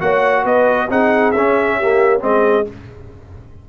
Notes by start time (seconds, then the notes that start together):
0.00 A#3 F#4 C#5 F#5
0.44 B3 B4 D#5
0.89 C4 D#4 G#4 F#5
1.31 C#4 E5
1.78 A#3 G4
2.20 G#3 C4 G#4 D#5